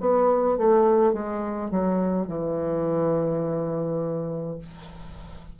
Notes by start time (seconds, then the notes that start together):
0.00 B3
0.57 A3
1.13 G#3
1.70 F#3
2.27 E3